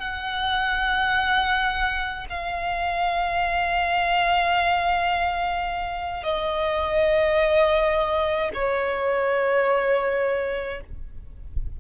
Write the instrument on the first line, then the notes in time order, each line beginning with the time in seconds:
violin
0.00 F#5
2.30 F5
6.24 D#5
8.55 C#5